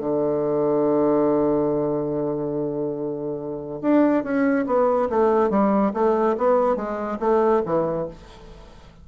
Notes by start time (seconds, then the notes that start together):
0.00 D3
3.82 D4
4.24 C#4
4.67 B3
5.10 A3
5.50 G3
5.94 A3
6.38 B3
6.76 G#3
7.20 A3
7.66 E3